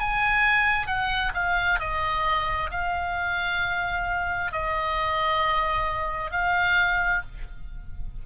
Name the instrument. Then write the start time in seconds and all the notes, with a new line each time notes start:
oboe
0.00 G#5
0.87 F#5
1.34 F5
1.80 D#5
2.71 F5
4.52 D#5
6.31 F5